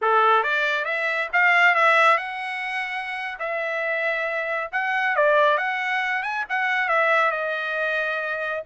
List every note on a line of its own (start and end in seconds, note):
0.01 0.43 A4
0.43 0.85 D5
0.85 1.28 E5
1.33 1.74 F5
1.74 2.17 E5
2.17 3.38 F#5
3.39 4.70 E5
4.72 5.15 F#5
5.16 5.57 D5
5.57 6.22 F#5
6.22 6.44 G#5
6.49 6.88 F#5
6.88 7.31 E5
7.31 8.62 D#5